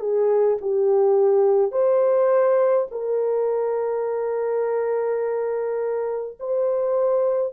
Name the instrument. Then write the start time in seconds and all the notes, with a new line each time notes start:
horn
0.00 G#4
0.61 G4
1.72 C5
2.91 A#4
6.39 C5